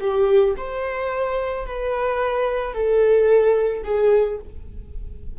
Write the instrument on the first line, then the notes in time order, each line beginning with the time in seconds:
viola
0.00 G4
0.57 C5
1.66 B4
2.74 A4
3.84 G#4